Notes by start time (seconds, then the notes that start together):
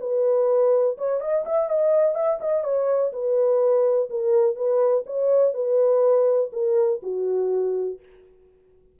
0.00 B4
0.97 C#5
1.20 D#5
1.45 E5
1.68 D#5
2.15 E5
2.40 D#5
2.63 C#5
3.12 B4
4.10 A#4
4.55 B4
5.06 C#5
5.54 B4
6.52 A#4
7.02 F#4